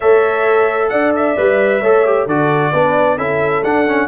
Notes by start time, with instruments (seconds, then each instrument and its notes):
0.00 tuba A3, trombone A4, horn C#5, trumpet E5
0.89 tuba D4, horn D5, trumpet F#5
1.15 trumpet E5
1.36 tuba G3, trombone B4
1.80 tuba A3, trombone A4, horn C#5
2.05 trombone G4
2.26 tuba D3, trombone F#4, horn A4, trumpet D5
2.71 tuba B3, trombone D4, horn B4
3.17 tuba C#4, trombone E4, horn A4, trumpet E5
3.63 tuba D4, trombone D4, trumpet F#5
3.87 trombone C#4